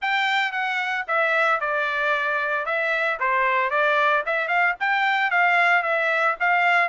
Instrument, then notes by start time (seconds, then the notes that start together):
trumpet
0.01 G5
0.52 F#5
1.07 E5
1.60 D5
2.65 E5
3.19 C5
3.70 D5
4.26 E5
4.48 F5
4.80 G5
5.30 F5
5.82 E5
6.40 F5